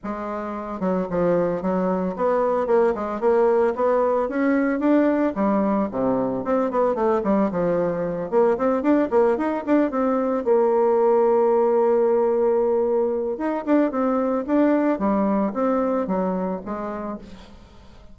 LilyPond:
\new Staff \with { instrumentName = "bassoon" } { \time 4/4 \tempo 4 = 112 gis4. fis8 f4 fis4 | b4 ais8 gis8 ais4 b4 | cis'4 d'4 g4 c4 | c'8 b8 a8 g8 f4. ais8 |
c'8 d'8 ais8 dis'8 d'8 c'4 ais8~ | ais1~ | ais4 dis'8 d'8 c'4 d'4 | g4 c'4 fis4 gis4 | }